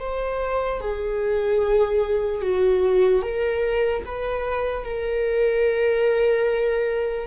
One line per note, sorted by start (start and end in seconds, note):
0.00 0.81 C5
0.81 2.42 G#4
2.42 3.22 F#4
3.22 4.04 A#4
4.05 4.84 B4
4.84 7.27 A#4